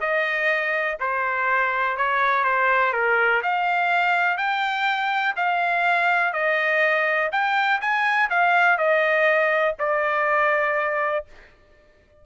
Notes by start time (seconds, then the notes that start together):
0.00 D#5
1.00 C5
1.97 C#5
2.44 C5
2.93 A#4
3.42 F5
4.37 G5
5.36 F5
6.33 D#5
7.31 G5
7.81 G#5
8.29 F5
8.78 D#5
9.79 D5